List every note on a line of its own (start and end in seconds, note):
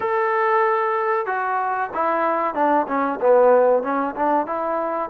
0.00 1.26 A4
1.26 1.89 F#4
1.94 2.54 E4
2.54 2.86 D4
2.87 3.19 C#4
3.20 3.82 B3
3.82 4.14 C#4
4.15 4.46 D4
4.46 5.09 E4